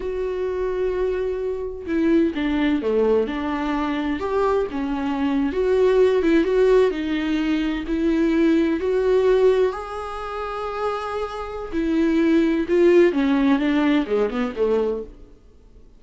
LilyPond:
\new Staff \with { instrumentName = "viola" } { \time 4/4 \tempo 4 = 128 fis'1 | e'4 d'4 a4 d'4~ | d'4 g'4 cis'4.~ cis'16 fis'16~ | fis'4~ fis'16 e'8 fis'4 dis'4~ dis'16~ |
dis'8. e'2 fis'4~ fis'16~ | fis'8. gis'2.~ gis'16~ | gis'4 e'2 f'4 | cis'4 d'4 gis8 b8 a4 | }